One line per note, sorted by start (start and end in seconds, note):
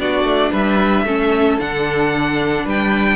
0.00 0.24 B3
0.00 1.07 D4
0.00 0.52 F#4
0.00 0.53 D5
0.24 0.51 A3
0.52 1.05 G3
0.52 1.05 B4
0.52 1.60 E5
1.05 1.58 A3
1.05 1.60 C#4
1.05 2.65 A4
1.60 2.65 D3
1.60 3.16 D4
1.60 2.66 F#5
2.65 3.16 G3
2.65 3.16 B4
2.65 3.16 G5